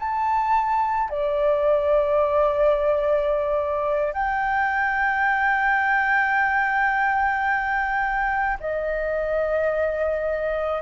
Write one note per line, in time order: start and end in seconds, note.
0.00 1.10 A5
1.10 4.14 D5
4.14 8.58 G5
8.61 10.82 D#5